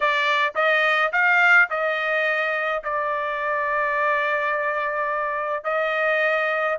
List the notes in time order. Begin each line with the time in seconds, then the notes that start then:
0.00 D5
0.55 D#5
1.12 F5
1.70 D#5
2.83 D5
5.64 D#5